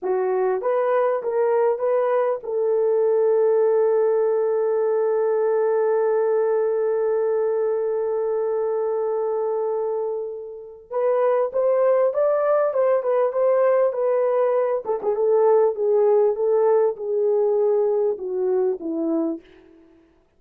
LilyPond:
\new Staff \with { instrumentName = "horn" } { \time 4/4 \tempo 4 = 99 fis'4 b'4 ais'4 b'4 | a'1~ | a'1~ | a'1~ |
a'2 b'4 c''4 | d''4 c''8 b'8 c''4 b'4~ | b'8 a'16 gis'16 a'4 gis'4 a'4 | gis'2 fis'4 e'4 | }